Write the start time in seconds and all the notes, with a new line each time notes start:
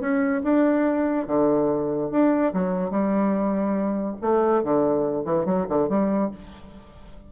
0.00 C#4
0.43 D4
1.27 D3
2.11 D4
2.53 F#3
2.90 G3
4.21 A3
4.63 D3
5.25 E3
5.45 F#3
5.69 D3
5.89 G3